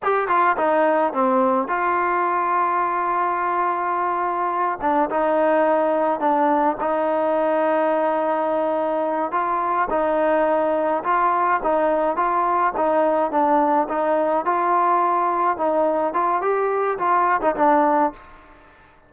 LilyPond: \new Staff \with { instrumentName = "trombone" } { \time 4/4 \tempo 4 = 106 g'8 f'8 dis'4 c'4 f'4~ | f'1~ | f'8 d'8 dis'2 d'4 | dis'1~ |
dis'8 f'4 dis'2 f'8~ | f'8 dis'4 f'4 dis'4 d'8~ | d'8 dis'4 f'2 dis'8~ | dis'8 f'8 g'4 f'8. dis'16 d'4 | }